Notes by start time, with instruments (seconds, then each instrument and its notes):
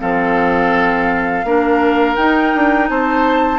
0.00 bassoon F3, clarinet C4, oboe A4, flute F5
1.44 bassoon A#3, clarinet D4, oboe A#4
2.16 clarinet D#4, bassoon D#4, flute G5
2.55 bassoon D4
2.89 bassoon C4, oboe C5, flute A5